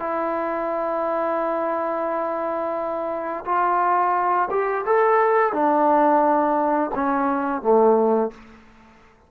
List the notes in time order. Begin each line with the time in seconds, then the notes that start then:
0.00 E4
3.45 F4
4.50 G4
4.86 A4
5.53 D4
6.95 C#4
7.62 A3